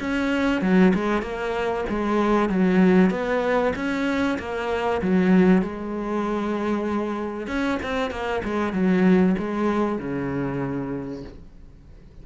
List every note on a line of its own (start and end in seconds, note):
0.00 0.62 C#4
0.62 0.93 F#3
0.94 1.22 G#3
1.22 1.84 A#3
1.89 2.49 G#3
2.49 3.11 F#3
3.11 3.73 B3
3.76 4.38 C#4
4.39 5.01 A#3
5.02 5.62 F#3
5.62 7.47 G#3
7.47 7.79 C#4
7.83 8.11 C4
8.11 8.42 A#3
8.44 8.73 G#3
8.73 9.36 F#3
9.38 9.99 G#3
9.99 11.24 C#3